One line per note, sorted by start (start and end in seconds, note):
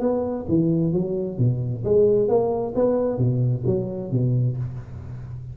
0.00 0.45 B3
0.48 0.93 E3
0.93 1.38 F#3
1.38 1.83 B2
1.84 2.28 G#3
2.28 2.74 A#3
2.75 3.18 B3
3.18 3.63 B2
3.66 4.11 F#3
4.11 4.57 B2